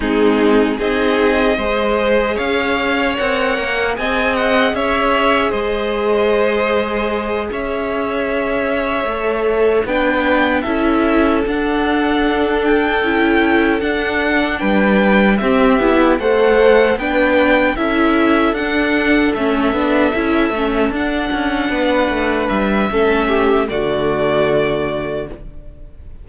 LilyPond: <<
  \new Staff \with { instrumentName = "violin" } { \time 4/4 \tempo 4 = 76 gis'4 dis''2 f''4 | fis''4 gis''8 fis''8 e''4 dis''4~ | dis''4. e''2~ e''8~ | e''8 g''4 e''4 fis''4. |
g''4. fis''4 g''4 e''8~ | e''8 fis''4 g''4 e''4 fis''8~ | fis''8 e''2 fis''4.~ | fis''8 e''4. d''2 | }
  \new Staff \with { instrumentName = "violin" } { \time 4/4 dis'4 gis'4 c''4 cis''4~ | cis''4 dis''4 cis''4 c''4~ | c''4. cis''2~ cis''8~ | cis''8 b'4 a'2~ a'8~ |
a'2~ a'8 b'4 g'8~ | g'8 c''4 b'4 a'4.~ | a'2.~ a'8 b'8~ | b'4 a'8 g'8 fis'2 | }
  \new Staff \with { instrumentName = "viola" } { \time 4/4 c'4 dis'4 gis'2 | ais'4 gis'2.~ | gis'2.~ gis'8 a'8~ | a'8 d'4 e'4 d'4.~ |
d'8 e'4 d'2 c'8 | e'8 a'4 d'4 e'4 d'8~ | d'8 cis'8 d'8 e'8 cis'8 d'4.~ | d'4 cis'4 a2 | }
  \new Staff \with { instrumentName = "cello" } { \time 4/4 gis4 c'4 gis4 cis'4 | c'8 ais8 c'4 cis'4 gis4~ | gis4. cis'2 a8~ | a8 b4 cis'4 d'4.~ |
d'8 cis'4 d'4 g4 c'8 | b8 a4 b4 cis'4 d'8~ | d'8 a8 b8 cis'8 a8 d'8 cis'8 b8 | a8 g8 a4 d2 | }
>>